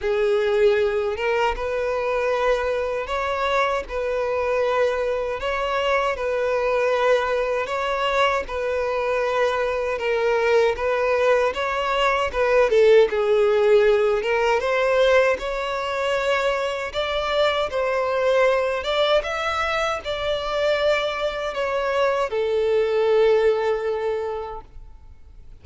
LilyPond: \new Staff \with { instrumentName = "violin" } { \time 4/4 \tempo 4 = 78 gis'4. ais'8 b'2 | cis''4 b'2 cis''4 | b'2 cis''4 b'4~ | b'4 ais'4 b'4 cis''4 |
b'8 a'8 gis'4. ais'8 c''4 | cis''2 d''4 c''4~ | c''8 d''8 e''4 d''2 | cis''4 a'2. | }